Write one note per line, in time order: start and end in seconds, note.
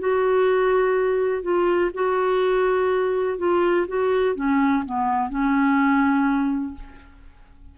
0.00 1.43 F#4
1.43 1.91 F4
1.94 3.38 F#4
3.38 3.87 F4
3.88 4.36 F#4
4.36 4.84 C#4
4.86 5.30 B3
5.30 6.75 C#4